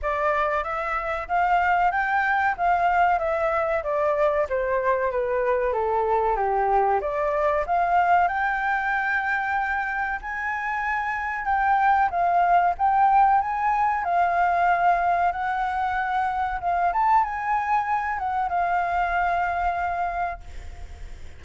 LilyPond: \new Staff \with { instrumentName = "flute" } { \time 4/4 \tempo 4 = 94 d''4 e''4 f''4 g''4 | f''4 e''4 d''4 c''4 | b'4 a'4 g'4 d''4 | f''4 g''2. |
gis''2 g''4 f''4 | g''4 gis''4 f''2 | fis''2 f''8 a''8 gis''4~ | gis''8 fis''8 f''2. | }